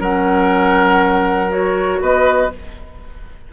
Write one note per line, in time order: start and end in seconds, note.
0.00 2.00 F#3
0.00 1.49 C#4
0.00 2.00 A#4
0.00 1.52 F#5
1.49 2.49 F#4
1.49 2.02 C#5
2.01 2.51 B3
2.01 2.52 B4
2.01 2.53 D#5